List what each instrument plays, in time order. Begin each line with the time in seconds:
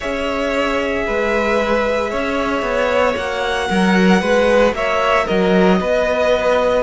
0.00 cello C#4, viola G#4, violin C#5 E5
1.06 cello G#3, violin B4
2.10 cello C#4, violin C#5
2.61 cello B3
3.16 cello A#3, viola F#4, violin F#5
3.68 cello F#3, violin A#4
4.21 cello G#3, violin B4
4.73 cello A#3, violin C#5 E5
5.25 cello F#3, violin A#4 D#5
5.80 cello B3, violin B4